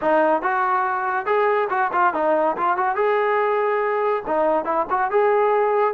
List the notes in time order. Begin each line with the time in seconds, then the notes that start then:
0.01 D#4
0.42 F#4
1.26 G#4
1.69 F#4
1.92 F4
2.13 D#4
2.56 F4
2.77 F#4
2.95 G#4
4.26 D#4
4.64 E4
4.90 F#4
5.10 G#4